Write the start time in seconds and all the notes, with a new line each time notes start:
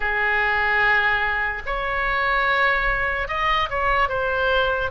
0.00 G#4
1.66 C#5
3.28 D#5
3.69 C#5
4.08 C5